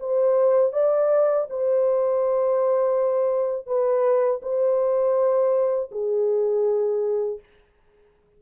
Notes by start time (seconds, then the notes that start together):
0.00 C5
0.73 D5
1.49 C5
3.66 B4
4.42 C5
5.92 G#4